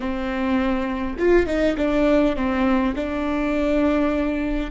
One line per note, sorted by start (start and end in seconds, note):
0.00 1.16 C4
1.18 1.46 F4
1.46 1.75 D#4
1.77 2.35 D4
2.35 2.94 C4
2.95 4.70 D4